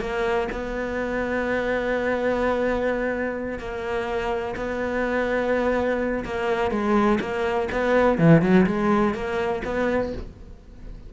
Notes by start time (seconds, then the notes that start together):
0.00 A#3
0.52 B3
3.59 A#3
4.56 B3
6.24 A#3
6.71 G#3
7.20 A#3
7.72 B3
8.18 E3
8.42 F#3
8.66 G#3
9.14 A#3
9.65 B3